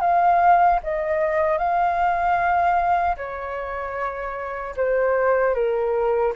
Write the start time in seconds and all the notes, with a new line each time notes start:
0.00 F5
0.83 D#5
1.58 F5
3.17 C#5
4.76 C5
5.54 A#4